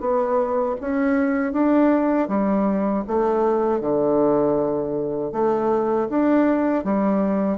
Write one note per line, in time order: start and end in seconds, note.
0.00 0.76 B3
0.81 1.53 C#4
1.53 2.29 D4
2.29 3.04 G3
3.07 3.80 A3
3.80 5.32 D3
5.32 6.08 A3
6.10 6.85 D4
6.85 7.58 G3